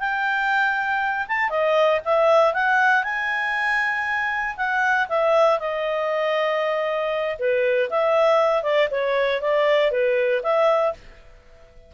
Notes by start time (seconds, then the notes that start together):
0.00 G5
1.28 A5
1.50 D#5
2.05 E5
2.54 F#5
3.04 G#5
4.57 F#5
5.09 E5
5.60 D#5
7.39 B4
7.90 E5
8.63 D5
8.91 C#5
9.42 D5
9.92 B4
10.43 E5